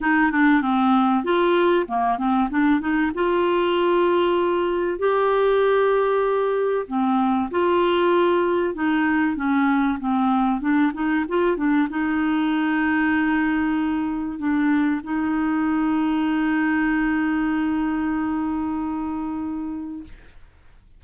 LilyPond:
\new Staff \with { instrumentName = "clarinet" } { \time 4/4 \tempo 4 = 96 dis'8 d'8 c'4 f'4 ais8 c'8 | d'8 dis'8 f'2. | g'2. c'4 | f'2 dis'4 cis'4 |
c'4 d'8 dis'8 f'8 d'8 dis'4~ | dis'2. d'4 | dis'1~ | dis'1 | }